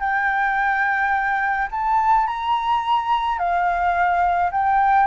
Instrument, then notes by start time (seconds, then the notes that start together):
flute
0.00 G5
1.71 A5
2.27 A#5
3.38 F5
4.52 G5